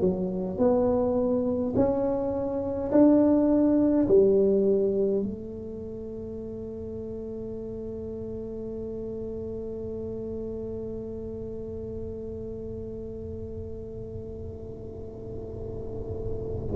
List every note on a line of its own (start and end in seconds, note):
0.00 0.58 F#3
0.58 1.73 B3
1.75 2.91 C#4
2.92 4.07 D4
4.08 5.22 G3
5.22 16.75 A3